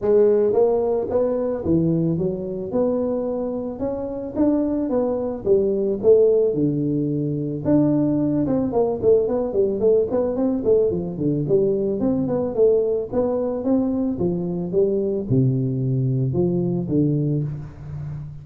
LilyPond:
\new Staff \with { instrumentName = "tuba" } { \time 4/4 \tempo 4 = 110 gis4 ais4 b4 e4 | fis4 b2 cis'4 | d'4 b4 g4 a4 | d2 d'4. c'8 |
ais8 a8 b8 g8 a8 b8 c'8 a8 | f8 d8 g4 c'8 b8 a4 | b4 c'4 f4 g4 | c2 f4 d4 | }